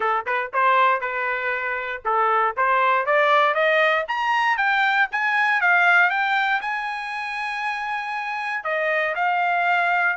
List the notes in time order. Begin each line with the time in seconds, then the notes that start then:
0.00 A4
0.25 B4
0.53 C5
1.00 B4
2.05 A4
2.56 C5
3.06 D5
3.54 D#5
4.07 A#5
4.57 G5
5.11 G#5
5.60 F5
6.10 G5
6.61 G#5
8.64 D#5
9.15 F5